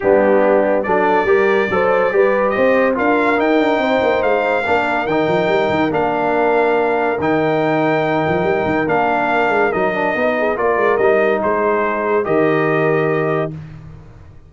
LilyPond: <<
  \new Staff \with { instrumentName = "trumpet" } { \time 4/4 \tempo 4 = 142 g'2 d''2~ | d''2 dis''4 f''4 | g''2 f''2 | g''2 f''2~ |
f''4 g''2.~ | g''4 f''2 dis''4~ | dis''4 d''4 dis''4 c''4~ | c''4 dis''2. | }
  \new Staff \with { instrumentName = "horn" } { \time 4/4 d'2 a'4 ais'4 | c''4 b'4 c''4 ais'4~ | ais'4 c''2 ais'4~ | ais'1~ |
ais'1~ | ais'1~ | ais'8 gis'8 ais'2 gis'4~ | gis'4 ais'2. | }
  \new Staff \with { instrumentName = "trombone" } { \time 4/4 b2 d'4 g'4 | a'4 g'2 f'4 | dis'2. d'4 | dis'2 d'2~ |
d'4 dis'2.~ | dis'4 d'2 dis'8 d'8 | dis'4 f'4 dis'2~ | dis'4 g'2. | }
  \new Staff \with { instrumentName = "tuba" } { \time 4/4 g2 fis4 g4 | fis4 g4 c'4 d'4 | dis'8 d'8 c'8 ais8 gis4 ais4 | dis8 f8 g8 dis8 ais2~ |
ais4 dis2~ dis8 f8 | g8 dis8 ais4. gis8 fis4 | b4 ais8 gis8 g4 gis4~ | gis4 dis2. | }
>>